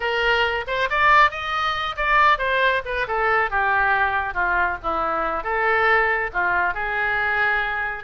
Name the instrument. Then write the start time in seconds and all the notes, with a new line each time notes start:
oboe
0.00 A#4
0.67 C5
0.89 D5
1.30 D#5
1.96 D5
2.38 C5
2.85 B4
3.07 A4
3.50 G4
4.34 F4
4.82 E4
5.43 A4
6.33 F4
6.74 G#4